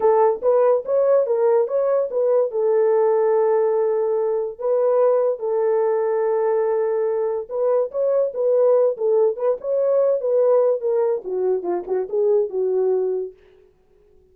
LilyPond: \new Staff \with { instrumentName = "horn" } { \time 4/4 \tempo 4 = 144 a'4 b'4 cis''4 ais'4 | cis''4 b'4 a'2~ | a'2. b'4~ | b'4 a'2.~ |
a'2 b'4 cis''4 | b'4. a'4 b'8 cis''4~ | cis''8 b'4. ais'4 fis'4 | f'8 fis'8 gis'4 fis'2 | }